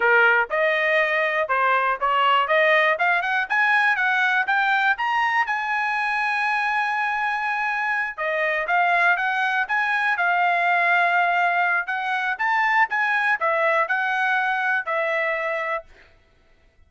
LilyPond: \new Staff \with { instrumentName = "trumpet" } { \time 4/4 \tempo 4 = 121 ais'4 dis''2 c''4 | cis''4 dis''4 f''8 fis''8 gis''4 | fis''4 g''4 ais''4 gis''4~ | gis''1~ |
gis''8 dis''4 f''4 fis''4 gis''8~ | gis''8 f''2.~ f''8 | fis''4 a''4 gis''4 e''4 | fis''2 e''2 | }